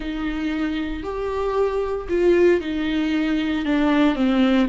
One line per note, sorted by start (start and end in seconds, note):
0.00 1.03 D#4
1.03 2.07 G4
2.08 2.60 F4
2.60 3.65 D#4
3.65 4.15 D4
4.15 4.67 C4